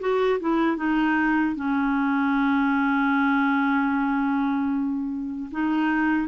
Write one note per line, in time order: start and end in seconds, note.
0.00 0.39 F#4
0.40 0.77 E4
0.77 1.55 D#4
1.55 5.50 C#4
5.51 6.28 D#4